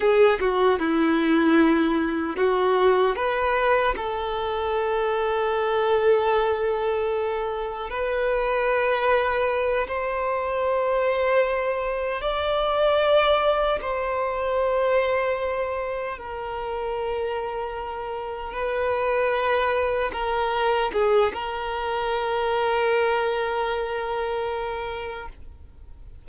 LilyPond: \new Staff \with { instrumentName = "violin" } { \time 4/4 \tempo 4 = 76 gis'8 fis'8 e'2 fis'4 | b'4 a'2.~ | a'2 b'2~ | b'8 c''2. d''8~ |
d''4. c''2~ c''8~ | c''8 ais'2. b'8~ | b'4. ais'4 gis'8 ais'4~ | ais'1 | }